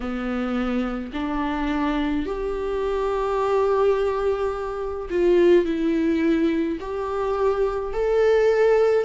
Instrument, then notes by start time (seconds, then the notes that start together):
viola
0.00 B3
1.13 D4
2.25 G4
5.09 F4
5.64 E4
6.80 G4
7.93 A4